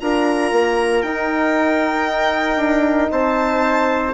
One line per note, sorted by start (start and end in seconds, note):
0.00 0.52 D4
0.00 1.04 F4
0.00 3.12 A#4
0.00 1.02 A#5
0.52 1.03 A#3
1.02 2.56 D#4
1.02 4.14 D#4
1.02 3.09 G5
2.56 3.08 D4
3.11 4.14 C4
3.11 4.14 C5
3.11 4.14 A5